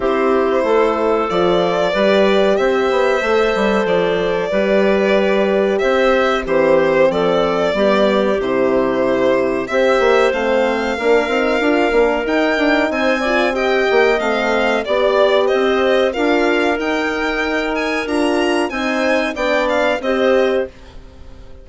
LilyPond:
<<
  \new Staff \with { instrumentName = "violin" } { \time 4/4 \tempo 4 = 93 c''2 d''2 | e''2 d''2~ | d''4 e''4 c''4 d''4~ | d''4 c''2 e''4 |
f''2. g''4 | gis''4 g''4 f''4 d''4 | dis''4 f''4 g''4. gis''8 | ais''4 gis''4 g''8 f''8 dis''4 | }
  \new Staff \with { instrumentName = "clarinet" } { \time 4/4 g'4 a'2 b'4 | c''2. b'4~ | b'4 c''4 g'4 a'4 | g'2. c''4~ |
c''4 ais'2. | c''8 d''8 dis''2 d''4 | c''4 ais'2.~ | ais'4 c''4 d''4 c''4 | }
  \new Staff \with { instrumentName = "horn" } { \time 4/4 e'2 f'4 g'4~ | g'4 a'2 g'4~ | g'2 c'2 | b4 e'2 g'4 |
c'4 d'8 dis'8 f'8 d'8 dis'4~ | dis'8 f'8 g'4 c'4 g'4~ | g'4 f'4 dis'2 | f'4 dis'4 d'4 g'4 | }
  \new Staff \with { instrumentName = "bassoon" } { \time 4/4 c'4 a4 f4 g4 | c'8 b8 a8 g8 f4 g4~ | g4 c'4 e4 f4 | g4 c2 c'8 ais8 |
a4 ais8 c'8 d'8 ais8 dis'8 d'8 | c'4. ais8 a4 b4 | c'4 d'4 dis'2 | d'4 c'4 b4 c'4 | }
>>